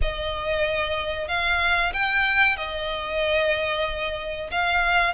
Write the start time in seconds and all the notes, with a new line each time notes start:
0.01 D#5
1.28 F5
1.93 G5
2.56 D#5
4.51 F5